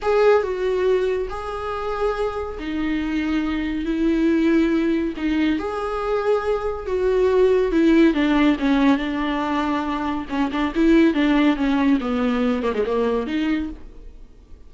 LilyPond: \new Staff \with { instrumentName = "viola" } { \time 4/4 \tempo 4 = 140 gis'4 fis'2 gis'4~ | gis'2 dis'2~ | dis'4 e'2. | dis'4 gis'2. |
fis'2 e'4 d'4 | cis'4 d'2. | cis'8 d'8 e'4 d'4 cis'4 | b4. ais16 gis16 ais4 dis'4 | }